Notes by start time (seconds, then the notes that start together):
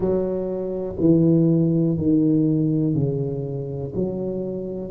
0.00 F#3
0.99 E3
1.97 D#3
2.94 C#3
3.94 F#3